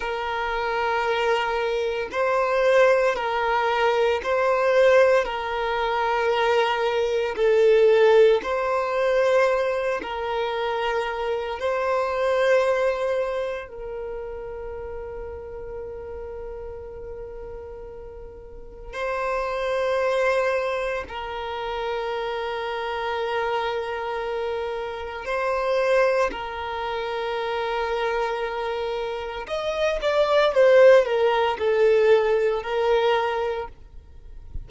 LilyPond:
\new Staff \with { instrumentName = "violin" } { \time 4/4 \tempo 4 = 57 ais'2 c''4 ais'4 | c''4 ais'2 a'4 | c''4. ais'4. c''4~ | c''4 ais'2.~ |
ais'2 c''2 | ais'1 | c''4 ais'2. | dis''8 d''8 c''8 ais'8 a'4 ais'4 | }